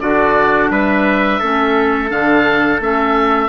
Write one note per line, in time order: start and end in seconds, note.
0.00 0.70 D3
0.00 1.41 D4
0.00 0.71 F#4
0.00 0.70 D5
0.70 1.40 G3
0.70 1.39 B4
0.70 2.10 E5
1.39 2.10 A3
1.39 2.09 C#4
1.39 3.49 A4
2.09 2.80 D3
2.09 2.78 D4
2.09 2.80 F5
2.80 3.49 A3
2.80 3.49 C#4
2.80 3.49 E5